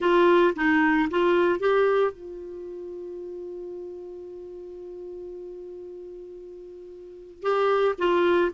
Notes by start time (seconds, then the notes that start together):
0.00 F4
0.55 D#4
1.10 F4
1.59 G4
2.11 F4
7.42 G4
7.98 F4